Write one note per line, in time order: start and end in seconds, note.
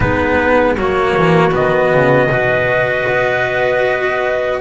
0.00 0.75 G#3
0.00 0.77 B3
0.00 0.76 D#4
0.00 0.77 B4
0.75 1.14 F#3
0.75 1.51 A#3
0.75 2.29 F#4
0.75 1.54 C#5
1.16 1.54 E3
1.51 1.93 D#3
1.51 2.28 B3
1.51 4.60 D#5
1.93 2.29 C#3
2.29 3.06 B2
2.29 4.60 F#4
2.29 4.60 B4
3.08 4.60 B3